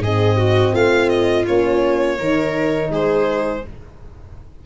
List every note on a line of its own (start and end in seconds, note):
0.00 0.72 G#2
0.00 1.48 C4
0.00 0.37 G#4
0.00 0.75 D#5
0.37 0.72 F#4
0.72 1.45 A3
0.72 2.17 F4
0.72 1.09 F5
1.09 1.45 D#5
1.47 2.20 A#3
1.47 2.17 C#4
1.47 2.91 C#5
2.17 2.90 D#3
2.17 3.62 D#4
2.17 2.91 A#4
2.90 3.62 G#3
2.90 3.64 G#4
2.90 3.66 C5